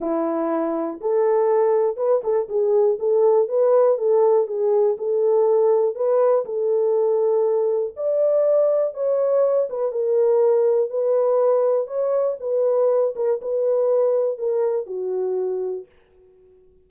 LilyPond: \new Staff \with { instrumentName = "horn" } { \time 4/4 \tempo 4 = 121 e'2 a'2 | b'8 a'8 gis'4 a'4 b'4 | a'4 gis'4 a'2 | b'4 a'2. |
d''2 cis''4. b'8 | ais'2 b'2 | cis''4 b'4. ais'8 b'4~ | b'4 ais'4 fis'2 | }